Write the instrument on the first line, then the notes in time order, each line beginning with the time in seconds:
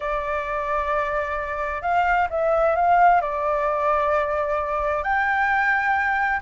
flute
0.00 D5
1.82 F5
2.29 E5
2.75 F5
3.21 D5
5.03 G5